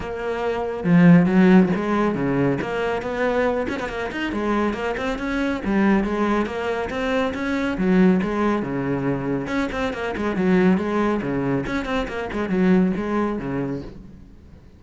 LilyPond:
\new Staff \with { instrumentName = "cello" } { \time 4/4 \tempo 4 = 139 ais2 f4 fis4 | gis4 cis4 ais4 b4~ | b8 cis'16 b16 ais8 dis'8 gis4 ais8 c'8 | cis'4 g4 gis4 ais4 |
c'4 cis'4 fis4 gis4 | cis2 cis'8 c'8 ais8 gis8 | fis4 gis4 cis4 cis'8 c'8 | ais8 gis8 fis4 gis4 cis4 | }